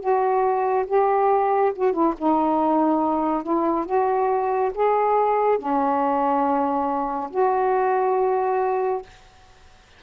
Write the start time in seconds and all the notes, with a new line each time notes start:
0.00 F#4
0.87 G4
1.75 F#4
1.93 E4
2.18 D#4
3.43 E4
3.86 F#4
4.75 G#4
5.59 C#4
7.31 F#4